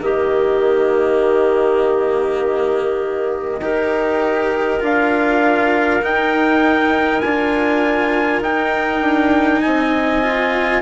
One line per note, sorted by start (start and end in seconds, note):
0.00 3.60 D#3
0.00 3.61 A#3
0.00 3.62 G4
0.00 4.82 D#5
3.60 4.80 D#4
3.60 4.80 G4
3.60 9.62 A#4
4.80 6.03 D4
4.80 6.00 F4
4.80 6.05 F5
6.02 7.22 D#4
6.02 7.23 D#4
6.02 7.21 G5
7.21 8.41 D4
7.21 8.45 F4
7.21 8.41 G#5
8.41 9.01 D#4
8.41 10.22 D#4
8.41 9.62 G5
9.01 9.61 D4
9.62 10.82 C4
9.62 10.82 D#5
9.62 10.81 G#5
10.22 10.82 F4